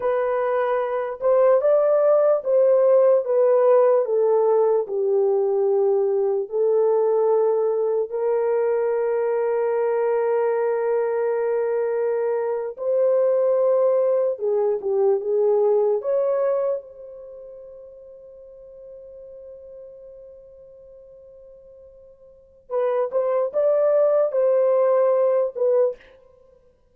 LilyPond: \new Staff \with { instrumentName = "horn" } { \time 4/4 \tempo 4 = 74 b'4. c''8 d''4 c''4 | b'4 a'4 g'2 | a'2 ais'2~ | ais'2.~ ais'8. c''16~ |
c''4.~ c''16 gis'8 g'8 gis'4 cis''16~ | cis''8. c''2.~ c''16~ | c''1 | b'8 c''8 d''4 c''4. b'8 | }